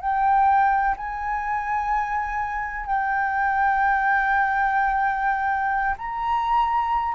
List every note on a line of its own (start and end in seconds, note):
0.00 0.95 G5
0.97 2.86 G#5
2.86 5.95 G5
5.97 7.14 A#5